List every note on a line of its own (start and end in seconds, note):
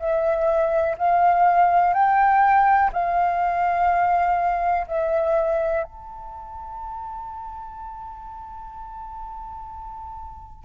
0.00 0.97 E5
0.99 1.94 F5
1.94 2.91 G5
2.93 4.87 F5
4.88 5.84 E5
5.84 10.65 A5